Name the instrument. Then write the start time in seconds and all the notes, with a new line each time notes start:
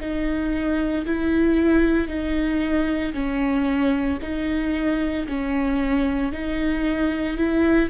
viola
0.00 D#4
1.06 E4
2.08 D#4
3.13 C#4
4.22 D#4
5.28 C#4
6.32 D#4
7.37 E4